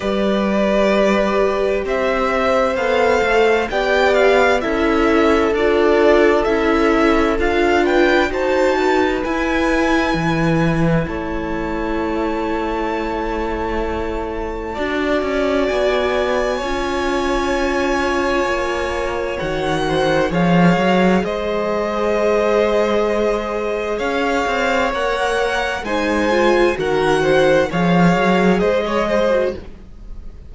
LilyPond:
<<
  \new Staff \with { instrumentName = "violin" } { \time 4/4 \tempo 4 = 65 d''2 e''4 f''4 | g''8 f''8 e''4 d''4 e''4 | f''8 g''8 a''4 gis''2 | a''1~ |
a''4 gis''2.~ | gis''4 fis''4 f''4 dis''4~ | dis''2 f''4 fis''4 | gis''4 fis''4 f''4 dis''4 | }
  \new Staff \with { instrumentName = "violin" } { \time 4/4 b'2 c''2 | d''4 a'2.~ | a'8 b'8 c''8 b'2~ b'8 | cis''1 |
d''2 cis''2~ | cis''4. c''8 cis''4 c''4~ | c''2 cis''2 | c''4 ais'8 c''8 cis''4 c''16 cis''16 c''8 | }
  \new Staff \with { instrumentName = "viola" } { \time 4/4 g'2. a'4 | g'4 e'4 f'4 e'4 | f'4 fis'4 e'2~ | e'1 |
fis'2 f'2~ | f'4 fis'4 gis'2~ | gis'2. ais'4 | dis'8 f'8 fis'4 gis'4.~ gis'16 fis'16 | }
  \new Staff \with { instrumentName = "cello" } { \time 4/4 g2 c'4 b8 a8 | b4 cis'4 d'4 cis'4 | d'4 dis'4 e'4 e4 | a1 |
d'8 cis'8 b4 cis'2 | ais4 dis4 f8 fis8 gis4~ | gis2 cis'8 c'8 ais4 | gis4 dis4 f8 fis8 gis4 | }
>>